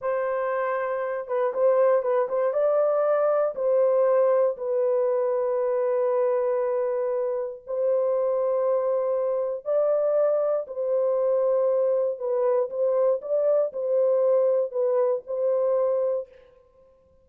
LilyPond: \new Staff \with { instrumentName = "horn" } { \time 4/4 \tempo 4 = 118 c''2~ c''8 b'8 c''4 | b'8 c''8 d''2 c''4~ | c''4 b'2.~ | b'2. c''4~ |
c''2. d''4~ | d''4 c''2. | b'4 c''4 d''4 c''4~ | c''4 b'4 c''2 | }